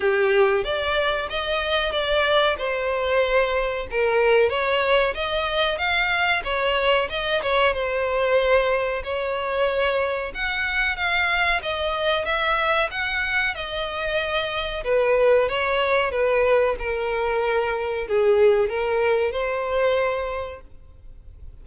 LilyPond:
\new Staff \with { instrumentName = "violin" } { \time 4/4 \tempo 4 = 93 g'4 d''4 dis''4 d''4 | c''2 ais'4 cis''4 | dis''4 f''4 cis''4 dis''8 cis''8 | c''2 cis''2 |
fis''4 f''4 dis''4 e''4 | fis''4 dis''2 b'4 | cis''4 b'4 ais'2 | gis'4 ais'4 c''2 | }